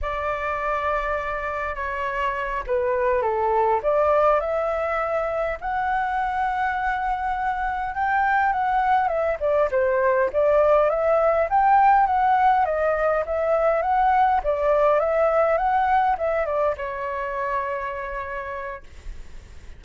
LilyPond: \new Staff \with { instrumentName = "flute" } { \time 4/4 \tempo 4 = 102 d''2. cis''4~ | cis''8 b'4 a'4 d''4 e''8~ | e''4. fis''2~ fis''8~ | fis''4. g''4 fis''4 e''8 |
d''8 c''4 d''4 e''4 g''8~ | g''8 fis''4 dis''4 e''4 fis''8~ | fis''8 d''4 e''4 fis''4 e''8 | d''8 cis''2.~ cis''8 | }